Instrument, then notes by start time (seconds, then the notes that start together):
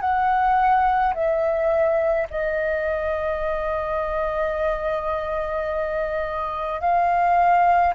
flute
0.00 F#5
1.14 E5
2.30 D#5
6.80 F5